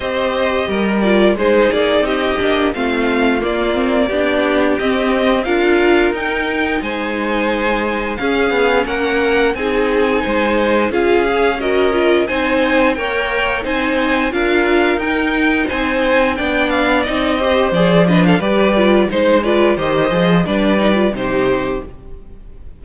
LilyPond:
<<
  \new Staff \with { instrumentName = "violin" } { \time 4/4 \tempo 4 = 88 dis''4. d''8 c''8 d''8 dis''4 | f''4 d''2 dis''4 | f''4 g''4 gis''2 | f''4 fis''4 gis''2 |
f''4 dis''4 gis''4 g''4 | gis''4 f''4 g''4 gis''4 | g''8 f''8 dis''4 d''8 dis''16 f''16 d''4 | c''8 d''8 dis''4 d''4 c''4 | }
  \new Staff \with { instrumentName = "violin" } { \time 4/4 c''4 ais'4 gis'4 g'4 | f'2 g'2 | ais'2 c''2 | gis'4 ais'4 gis'4 c''4 |
gis'4 ais'4 c''4 cis''4 | c''4 ais'2 c''4 | d''4. c''4 b'16 a'16 b'4 | c''8 b'8 c''4 b'4 g'4 | }
  \new Staff \with { instrumentName = "viola" } { \time 4/4 g'4. f'8 dis'4. d'8 | c'4 ais8 c'8 d'4 c'4 | f'4 dis'2. | cis'2 dis'2 |
f'8 gis'8 fis'8 f'8 dis'4 ais'4 | dis'4 f'4 dis'2 | d'4 dis'8 g'8 gis'8 d'8 g'8 f'8 | dis'8 f'8 g'8 gis'8 d'8 dis'16 f'16 dis'4 | }
  \new Staff \with { instrumentName = "cello" } { \time 4/4 c'4 g4 gis8 ais8 c'8 ais8 | a4 ais4 b4 c'4 | d'4 dis'4 gis2 | cis'8 b8 ais4 c'4 gis4 |
cis'2 c'4 ais4 | c'4 d'4 dis'4 c'4 | b4 c'4 f4 g4 | gis4 dis8 f8 g4 c4 | }
>>